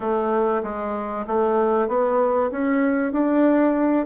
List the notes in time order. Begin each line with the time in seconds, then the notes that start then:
0.00 A3
0.63 G#3
1.26 A3
1.88 B3
2.51 C#4
3.12 D4